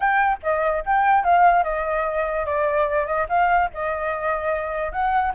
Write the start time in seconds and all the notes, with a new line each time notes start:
0.00 G5
0.42 D#5
0.85 G5
1.24 F5
1.63 D#5
2.46 D5
3.06 D#5
3.28 F5
3.73 D#5
4.91 F#5